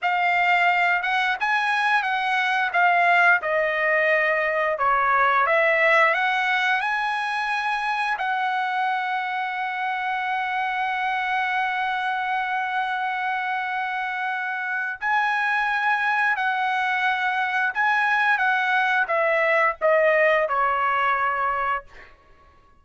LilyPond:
\new Staff \with { instrumentName = "trumpet" } { \time 4/4 \tempo 4 = 88 f''4. fis''8 gis''4 fis''4 | f''4 dis''2 cis''4 | e''4 fis''4 gis''2 | fis''1~ |
fis''1~ | fis''2 gis''2 | fis''2 gis''4 fis''4 | e''4 dis''4 cis''2 | }